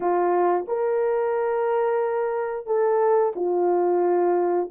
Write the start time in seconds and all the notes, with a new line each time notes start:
0.00 F4
0.67 A#4
2.66 A4
3.35 F4